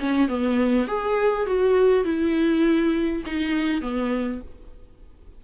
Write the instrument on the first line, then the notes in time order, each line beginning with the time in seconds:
viola
0.00 C#4
0.28 B3
0.87 G#4
1.47 F#4
2.04 E4
3.26 D#4
3.82 B3